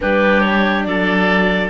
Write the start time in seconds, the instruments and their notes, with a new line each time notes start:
0.00 cello G3, viola D4, oboe G4, clarinet B4
0.41 clarinet C#5
0.84 cello F#3, oboe A4, clarinet D5